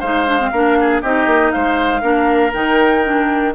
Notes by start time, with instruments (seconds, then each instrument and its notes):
0.00 bassoon G#3, clarinet D#4, oboe C5, flute F5
0.27 clarinet D4
0.39 clarinet C4
0.52 bassoon A#3, clarinet D4, oboe A#4
0.80 oboe G#4
1.02 bassoon C4, clarinet D#4, oboe G4, flute D#5
1.26 bassoon A#3
1.52 bassoon G#3, oboe C5, flute F5
2.01 bassoon A#3, clarinet D4, oboe A#4
2.53 bassoon D#3, clarinet D#4, flute G5
3.04 clarinet D4